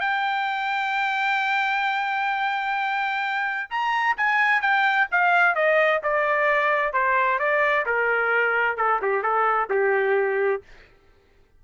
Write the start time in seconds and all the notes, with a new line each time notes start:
0.00 G5
3.70 A#5
4.17 G#5
4.61 G5
5.11 F5
5.55 D#5
6.03 D5
6.93 C5
7.39 D5
7.86 A#4
8.77 A4
9.02 G4
9.22 A4
9.70 G4